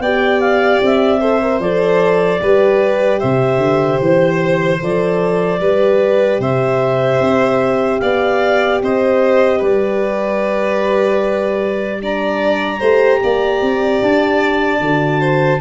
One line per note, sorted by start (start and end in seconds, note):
0.00 0.80 B3
0.00 1.21 G4
0.00 1.20 D5
0.00 0.40 G5
0.40 0.80 F5
0.82 1.60 C4
0.82 1.61 E5
1.20 1.41 A4
1.20 2.40 C5
1.42 1.62 A#4
1.60 2.40 F3
1.60 2.40 A4
1.60 3.20 D5
2.40 3.22 G3
2.40 4.80 G4
2.40 3.20 B4
3.20 3.58 C3
3.20 5.60 C5
3.20 4.00 E5
3.58 3.98 D3
4.01 4.81 E3
4.01 4.82 C5
4.81 5.60 F3
4.81 5.61 A4
4.81 6.42 D5
5.60 6.40 G3
5.60 12.01 G4
5.60 6.41 B4
6.40 7.20 C3
6.40 8.01 C5
6.40 7.99 E5
7.20 8.00 C4
7.99 8.82 B3
7.99 8.82 D5
7.99 8.79 F5
8.83 9.62 C4
8.83 9.59 C5
8.83 9.62 D#5
9.59 12.81 G3
9.59 11.99 B4
9.59 12.03 D5
12.02 12.80 D4
12.02 12.79 D5
12.02 14.03 A#5
12.79 13.21 A3
12.79 14.80 G4
12.79 13.19 C5
13.23 13.61 A#3
13.23 15.20 D5
13.61 14.01 C4
14.02 14.80 D4
14.02 15.61 A5
14.80 15.60 D3
14.80 15.61 F#4
15.20 15.60 C5